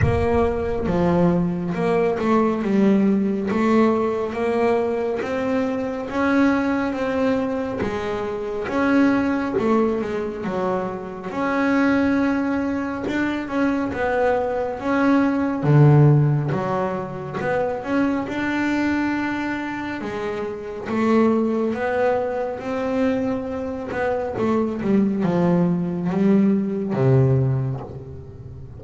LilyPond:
\new Staff \with { instrumentName = "double bass" } { \time 4/4 \tempo 4 = 69 ais4 f4 ais8 a8 g4 | a4 ais4 c'4 cis'4 | c'4 gis4 cis'4 a8 gis8 | fis4 cis'2 d'8 cis'8 |
b4 cis'4 d4 fis4 | b8 cis'8 d'2 gis4 | a4 b4 c'4. b8 | a8 g8 f4 g4 c4 | }